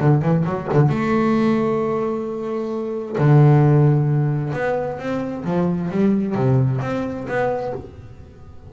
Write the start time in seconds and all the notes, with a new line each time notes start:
0.00 D3
0.22 E3
0.45 F#3
0.73 D3
0.89 A3
3.18 D3
4.53 B3
4.99 C4
5.44 F3
5.91 G3
6.35 C3
6.81 C4
7.28 B3